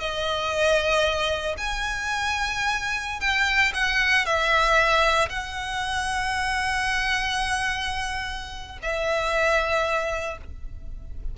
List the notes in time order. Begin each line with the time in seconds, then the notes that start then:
0.00 D#5
1.57 G#5
3.20 G5
3.74 F#5
4.25 E5
5.29 F#5
8.82 E5